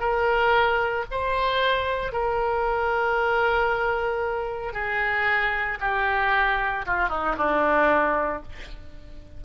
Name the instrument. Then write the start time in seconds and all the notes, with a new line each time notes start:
oboe
0.00 A#4
1.11 C5
2.12 A#4
4.73 G#4
5.80 G4
6.86 F4
7.09 D#4
7.37 D4